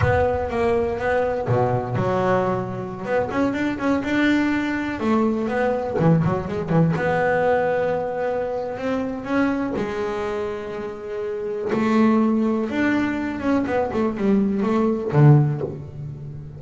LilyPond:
\new Staff \with { instrumentName = "double bass" } { \time 4/4 \tempo 4 = 123 b4 ais4 b4 b,4 | fis2~ fis16 b8 cis'8 d'8 cis'16~ | cis'16 d'2 a4 b8.~ | b16 e8 fis8 gis8 e8 b4.~ b16~ |
b2 c'4 cis'4 | gis1 | a2 d'4. cis'8 | b8 a8 g4 a4 d4 | }